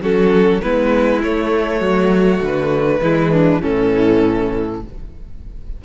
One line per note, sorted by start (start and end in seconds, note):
0.00 0.60 F#3
0.00 0.62 C#4
0.00 0.61 F#4
0.00 0.61 A4
0.61 1.24 G#3
0.61 1.23 B3
0.61 1.80 E4
0.61 1.21 B4
1.22 3.01 A3
1.22 1.80 A3
1.22 2.42 C#5
1.80 2.40 F#3
1.80 3.00 F#4
2.41 3.00 D3
2.41 3.61 B4
3.01 3.61 E3
3.01 3.61 G#3
3.01 3.31 E4
3.31 3.61 D4
3.61 4.84 A2
3.61 4.81 E3
3.61 4.81 C#4
3.61 4.81 A4